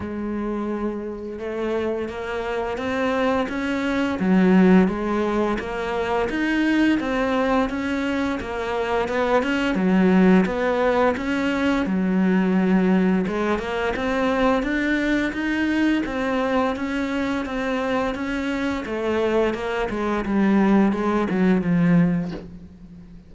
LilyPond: \new Staff \with { instrumentName = "cello" } { \time 4/4 \tempo 4 = 86 gis2 a4 ais4 | c'4 cis'4 fis4 gis4 | ais4 dis'4 c'4 cis'4 | ais4 b8 cis'8 fis4 b4 |
cis'4 fis2 gis8 ais8 | c'4 d'4 dis'4 c'4 | cis'4 c'4 cis'4 a4 | ais8 gis8 g4 gis8 fis8 f4 | }